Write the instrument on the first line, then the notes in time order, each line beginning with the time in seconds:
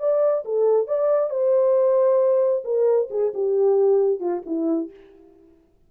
horn
0.00 D5
0.45 A4
0.87 D5
1.31 C5
2.65 A#4
3.11 G#4
3.35 G4
4.21 F4
4.46 E4